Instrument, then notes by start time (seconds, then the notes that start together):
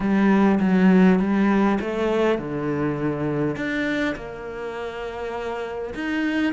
cello
0.00 G3
0.59 F#3
1.19 G3
1.80 A3
2.38 D3
3.55 D4
4.15 A#3
5.94 D#4